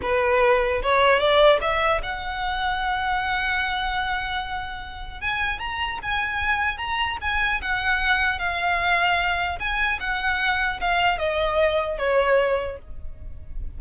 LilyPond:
\new Staff \with { instrumentName = "violin" } { \time 4/4 \tempo 4 = 150 b'2 cis''4 d''4 | e''4 fis''2.~ | fis''1~ | fis''4 gis''4 ais''4 gis''4~ |
gis''4 ais''4 gis''4 fis''4~ | fis''4 f''2. | gis''4 fis''2 f''4 | dis''2 cis''2 | }